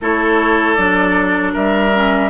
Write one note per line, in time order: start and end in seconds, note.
0.01 0.77 A3
0.01 0.77 E4
0.01 1.53 A4
0.01 0.74 C#5
0.74 1.54 F#3
0.74 1.92 D4
0.74 1.51 D5
1.53 2.29 G3
1.53 2.29 A#4
1.53 2.29 E5
1.93 2.29 C#4